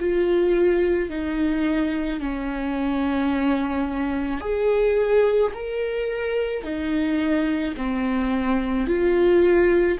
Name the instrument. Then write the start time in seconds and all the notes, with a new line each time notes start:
viola
0.00 F4
1.10 D#4
2.20 C#4
4.41 G#4
5.54 A#4
6.64 D#4
7.77 C4
8.87 F4